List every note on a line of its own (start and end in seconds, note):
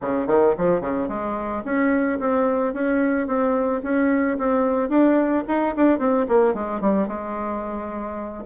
0.01 0.27 C#3
0.27 0.54 D#3
0.57 0.81 F3
0.81 1.08 C#3
1.08 1.62 G#3
1.64 2.19 C#4
2.19 2.73 C4
2.73 3.27 C#4
3.27 3.81 C4
3.83 4.37 C#4
4.38 4.89 C4
4.89 5.43 D4
5.47 5.74 D#4
5.75 5.99 D4
5.99 6.26 C4
6.28 6.54 A#3
6.54 6.80 G#3
6.80 7.07 G3
7.07 8.44 G#3